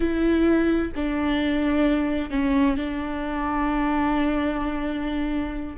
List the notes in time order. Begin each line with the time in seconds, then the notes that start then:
0.00 E4
0.95 D4
2.30 C#4
2.77 D4